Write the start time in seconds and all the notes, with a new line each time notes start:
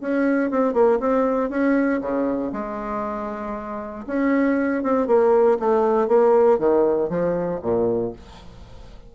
0.00 C#4
0.50 C4
0.73 A#3
0.99 C4
1.50 C#4
2.01 C#3
2.52 G#3
4.06 C#4
4.83 C4
5.07 A#3
5.59 A3
6.07 A#3
6.58 D#3
7.09 F3
7.61 A#2